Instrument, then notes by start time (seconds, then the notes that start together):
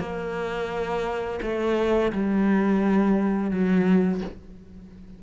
cello
0.00 A#3
1.42 A3
2.13 G3
3.51 F#3